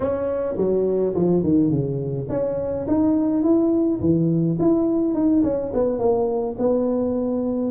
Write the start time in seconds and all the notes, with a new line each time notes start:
0.00 C#4
0.57 F#3
1.14 F3
1.43 D#3
1.70 C#3
2.29 C#4
2.87 D#4
3.43 E4
4.00 E3
4.59 E4
5.14 D#4
5.43 C#4
5.73 B3
5.98 A#3
6.58 B3